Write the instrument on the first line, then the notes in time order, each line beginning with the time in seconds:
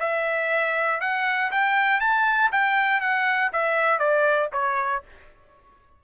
trumpet
0.00 E5
1.01 F#5
1.51 G5
2.00 A5
2.52 G5
3.01 F#5
3.53 E5
3.99 D5
4.53 C#5